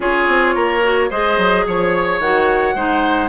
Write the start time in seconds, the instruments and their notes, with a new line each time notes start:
0.00 bassoon C#4, clarinet F4, oboe G#4, flute C#5
0.28 bassoon C4
0.54 bassoon A#3, oboe A#4
0.82 clarinet F#4
1.10 bassoon G#3, clarinet G#4, oboe C5, flute D#5
1.37 bassoon F#3
1.66 bassoon F3, oboe C#5, flute C#5
2.19 bassoon D#3, clarinet F#4, flute F#5
2.74 bassoon G#3, clarinet D#4, oboe C5